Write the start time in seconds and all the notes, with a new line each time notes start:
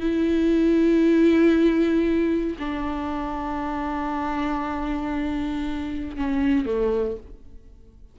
0.00 E4
2.59 D4
6.17 C#4
6.65 A3